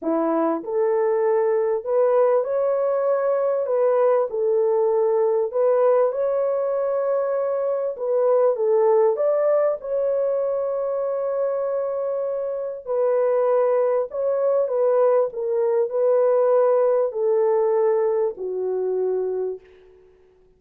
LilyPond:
\new Staff \with { instrumentName = "horn" } { \time 4/4 \tempo 4 = 98 e'4 a'2 b'4 | cis''2 b'4 a'4~ | a'4 b'4 cis''2~ | cis''4 b'4 a'4 d''4 |
cis''1~ | cis''4 b'2 cis''4 | b'4 ais'4 b'2 | a'2 fis'2 | }